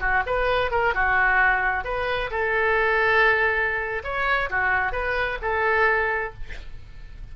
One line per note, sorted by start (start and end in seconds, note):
0.00 0.23 F#4
0.26 0.71 B4
0.71 0.94 A#4
0.94 1.84 F#4
1.84 2.30 B4
2.31 4.03 A4
4.04 4.49 C#5
4.50 4.92 F#4
4.92 5.38 B4
5.42 6.34 A4